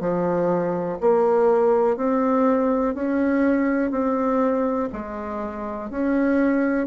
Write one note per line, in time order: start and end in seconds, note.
0.00 0.98 F3
1.01 1.97 A#3
1.97 2.95 C4
2.95 3.91 C#4
3.91 4.89 C4
4.93 5.90 G#3
5.90 6.87 C#4